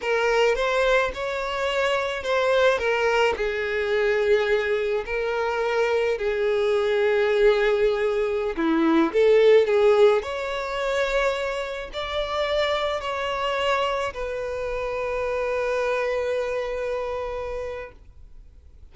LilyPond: \new Staff \with { instrumentName = "violin" } { \time 4/4 \tempo 4 = 107 ais'4 c''4 cis''2 | c''4 ais'4 gis'2~ | gis'4 ais'2 gis'4~ | gis'2.~ gis'16 e'8.~ |
e'16 a'4 gis'4 cis''4.~ cis''16~ | cis''4~ cis''16 d''2 cis''8.~ | cis''4~ cis''16 b'2~ b'8.~ | b'1 | }